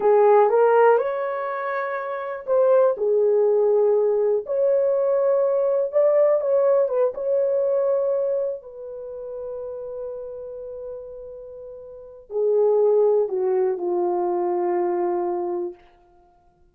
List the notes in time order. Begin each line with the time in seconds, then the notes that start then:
0.00 G#4
0.49 A#4
0.98 C#5
2.46 C5
2.97 G#4
4.46 C#5
5.92 D5
6.41 C#5
6.88 B4
7.14 C#5
8.62 B4
12.30 G#4
13.28 F#4
13.77 F4